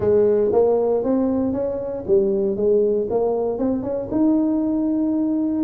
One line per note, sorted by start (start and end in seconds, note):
0.00 0.51 G#3
0.52 1.03 A#3
1.03 1.52 C4
1.52 2.04 C#4
2.07 2.56 G3
2.56 3.07 G#3
3.10 3.58 A#3
3.58 3.82 C4
3.82 4.08 C#4
4.11 5.64 D#4